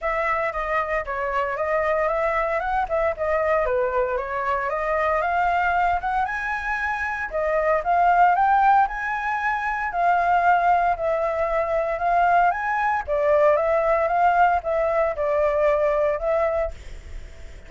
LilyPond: \new Staff \with { instrumentName = "flute" } { \time 4/4 \tempo 4 = 115 e''4 dis''4 cis''4 dis''4 | e''4 fis''8 e''8 dis''4 b'4 | cis''4 dis''4 f''4. fis''8 | gis''2 dis''4 f''4 |
g''4 gis''2 f''4~ | f''4 e''2 f''4 | gis''4 d''4 e''4 f''4 | e''4 d''2 e''4 | }